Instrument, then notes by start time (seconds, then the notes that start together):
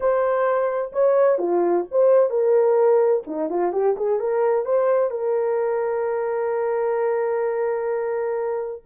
horn
0.00 C5
0.92 C#5
1.38 F4
1.91 C5
2.30 A#4
3.26 D#4
3.49 F4
3.72 G4
3.96 G#4
4.19 A#4
4.65 C5
5.10 A#4